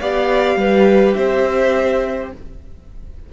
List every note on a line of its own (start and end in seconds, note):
0.00 0.56 B3
0.00 2.32 G4
0.00 0.59 D5
0.00 1.14 F5
0.56 1.14 G3
0.56 1.18 B4
1.14 2.32 C4
1.14 2.33 C5
1.14 2.30 E5